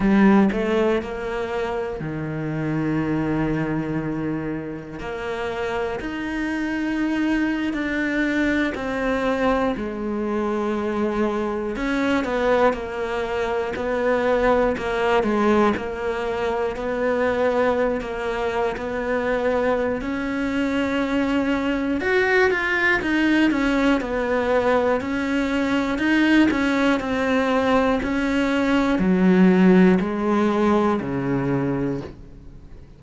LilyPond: \new Staff \with { instrumentName = "cello" } { \time 4/4 \tempo 4 = 60 g8 a8 ais4 dis2~ | dis4 ais4 dis'4.~ dis'16 d'16~ | d'8. c'4 gis2 cis'16~ | cis'16 b8 ais4 b4 ais8 gis8 ais16~ |
ais8. b4~ b16 ais8. b4~ b16 | cis'2 fis'8 f'8 dis'8 cis'8 | b4 cis'4 dis'8 cis'8 c'4 | cis'4 fis4 gis4 cis4 | }